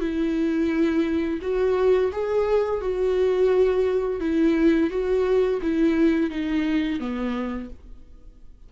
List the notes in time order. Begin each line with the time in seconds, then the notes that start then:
0.00 E4
1.41 F#4
2.12 G#4
2.81 F#4
4.20 E4
4.90 F#4
5.62 E4
6.30 D#4
6.99 B3